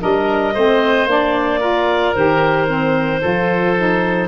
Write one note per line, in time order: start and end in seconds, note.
0.00 0.56 G3
0.00 0.54 D4
0.00 0.54 A#4
0.00 1.09 D#5
0.54 1.06 A3
0.54 1.09 C4
0.54 1.61 C5
1.06 2.13 A#3
1.06 1.60 D4
1.06 2.15 D5
1.60 2.14 F4
1.60 3.21 A#4
2.15 3.23 D#3
2.15 2.67 G4
2.15 4.29 C5
2.67 3.21 C4
3.22 4.29 F3
3.22 3.76 F4
3.22 4.29 A4
3.77 4.29 D#4